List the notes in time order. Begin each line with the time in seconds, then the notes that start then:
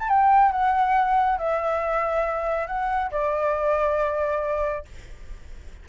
0.00 A5
0.09 G5
0.52 F#5
1.39 E5
2.67 F#5
3.12 D5